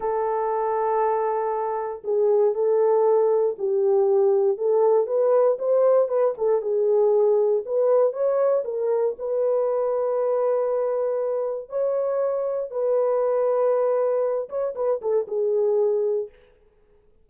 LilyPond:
\new Staff \with { instrumentName = "horn" } { \time 4/4 \tempo 4 = 118 a'1 | gis'4 a'2 g'4~ | g'4 a'4 b'4 c''4 | b'8 a'8 gis'2 b'4 |
cis''4 ais'4 b'2~ | b'2. cis''4~ | cis''4 b'2.~ | b'8 cis''8 b'8 a'8 gis'2 | }